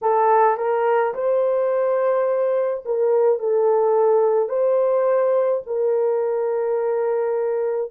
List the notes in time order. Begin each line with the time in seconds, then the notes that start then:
0.01 A4
0.57 A#4
1.14 C5
2.85 A#4
3.39 A4
4.49 C5
5.66 A#4